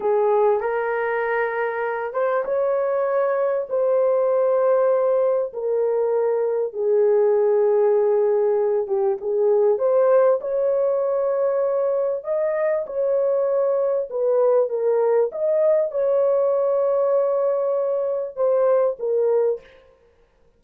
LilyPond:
\new Staff \with { instrumentName = "horn" } { \time 4/4 \tempo 4 = 98 gis'4 ais'2~ ais'8 c''8 | cis''2 c''2~ | c''4 ais'2 gis'4~ | gis'2~ gis'8 g'8 gis'4 |
c''4 cis''2. | dis''4 cis''2 b'4 | ais'4 dis''4 cis''2~ | cis''2 c''4 ais'4 | }